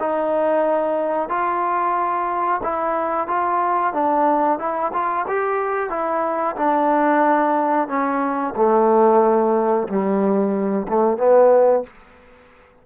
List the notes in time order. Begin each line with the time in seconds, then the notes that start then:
0.00 D#4
1.29 F4
2.63 E4
3.28 F4
3.94 D4
4.59 E4
4.93 F4
5.28 G4
5.90 E4
6.56 D4
7.88 C#4
8.56 A3
9.88 G3
10.88 A3
11.18 B3